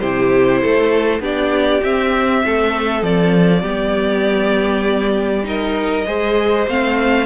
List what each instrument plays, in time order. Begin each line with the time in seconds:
0.00 cello C3, viola E4, violin G4 C5
0.61 cello A3, violin A4
1.20 cello B3, viola D4, violin G4 D5
1.81 viola C4, cello C4, violin E5
2.45 cello A3, violin A4
3.02 cello F3, violin D5
3.62 cello G3, viola B3, violin G4
5.44 viola D#4, violin A#4 D#5
6.07 cello G#3, viola G#4, violin C5
6.68 cello A3, viola C4, violin F5